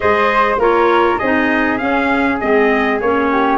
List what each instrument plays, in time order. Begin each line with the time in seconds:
0.00 tuba G#3, clarinet G#4, flute C5, trumpet D#5
0.57 tuba A#3, clarinet F4, flute A#4, trumpet C#5
1.18 tuba C4, flute G#4, trumpet D#5
1.24 clarinet D#4
1.78 clarinet C#4, tuba C#4, trumpet F5
2.40 tuba G#3, clarinet C4, trumpet D#5
3.00 tuba A#3, clarinet C#4, trumpet C#5
3.31 flute G4